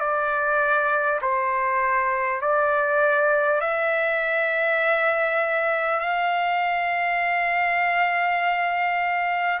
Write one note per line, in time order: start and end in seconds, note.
0.00 1.20 D5
1.21 2.41 C5
2.41 3.60 D5
3.60 5.99 E5
5.99 9.59 F5